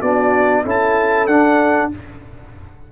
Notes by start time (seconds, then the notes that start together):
0.00 B3 D4 F#4 D5
0.64 C#4 E4 A4 A5
1.27 D4 F#5